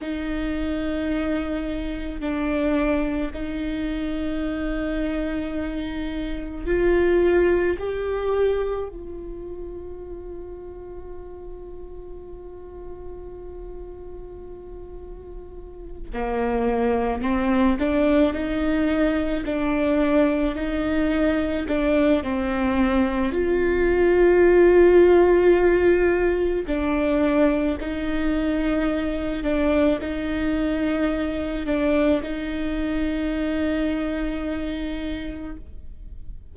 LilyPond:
\new Staff \with { instrumentName = "viola" } { \time 4/4 \tempo 4 = 54 dis'2 d'4 dis'4~ | dis'2 f'4 g'4 | f'1~ | f'2~ f'8 ais4 c'8 |
d'8 dis'4 d'4 dis'4 d'8 | c'4 f'2. | d'4 dis'4. d'8 dis'4~ | dis'8 d'8 dis'2. | }